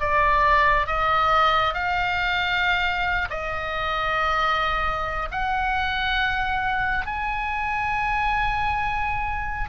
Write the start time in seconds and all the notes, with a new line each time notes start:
0.00 D5
0.87 D#5
1.74 F5
3.30 D#5
5.31 F#5
7.06 G#5